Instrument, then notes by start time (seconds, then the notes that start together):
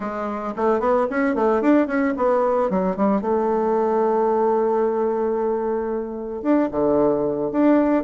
bassoon
0.00 G#3
0.56 A3
0.80 B3
1.10 C#4
1.35 A3
1.61 D4
1.87 C#4
2.16 B3
2.70 F#3
2.96 G3
3.21 A3
6.42 D4
6.71 D3
7.51 D4